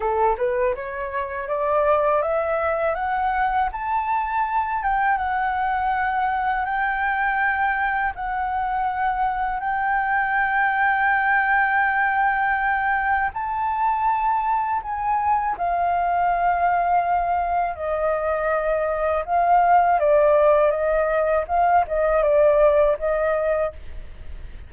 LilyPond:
\new Staff \with { instrumentName = "flute" } { \time 4/4 \tempo 4 = 81 a'8 b'8 cis''4 d''4 e''4 | fis''4 a''4. g''8 fis''4~ | fis''4 g''2 fis''4~ | fis''4 g''2.~ |
g''2 a''2 | gis''4 f''2. | dis''2 f''4 d''4 | dis''4 f''8 dis''8 d''4 dis''4 | }